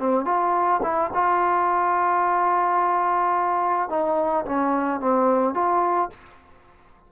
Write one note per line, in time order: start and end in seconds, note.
0.00 0.26 C4
0.26 0.81 F4
0.83 1.11 E4
1.14 3.90 F4
3.90 4.45 D#4
4.46 5.01 C#4
5.01 5.55 C4
5.55 6.10 F4